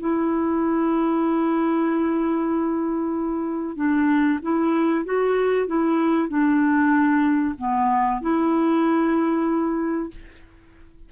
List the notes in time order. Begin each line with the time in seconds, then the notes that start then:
0.00 E4
3.77 D4
4.42 E4
5.05 F#4
5.67 E4
6.29 D4
7.58 B3
8.22 E4